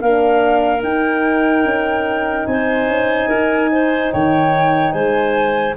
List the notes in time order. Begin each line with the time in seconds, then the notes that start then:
0.00 A#3 D4 A#4 F5
0.80 D#4 G5
1.64 C#4
2.46 C4 C5 G#5
2.87 C#4
3.28 D#4 A#4
3.72 C5
4.12 D#3 C#5 G5
4.92 G#3 C5 G#5